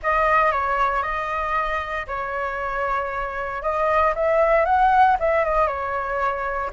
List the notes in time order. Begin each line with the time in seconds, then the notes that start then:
0.03 D#5
0.51 C#5
1.02 D#5
2.07 C#5
3.62 D#5
4.15 E5
4.65 F#5
5.19 E5
5.45 D#5
5.67 C#5